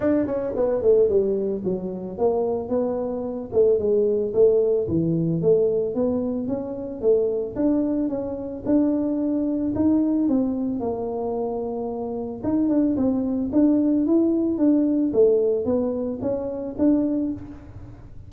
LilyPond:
\new Staff \with { instrumentName = "tuba" } { \time 4/4 \tempo 4 = 111 d'8 cis'8 b8 a8 g4 fis4 | ais4 b4. a8 gis4 | a4 e4 a4 b4 | cis'4 a4 d'4 cis'4 |
d'2 dis'4 c'4 | ais2. dis'8 d'8 | c'4 d'4 e'4 d'4 | a4 b4 cis'4 d'4 | }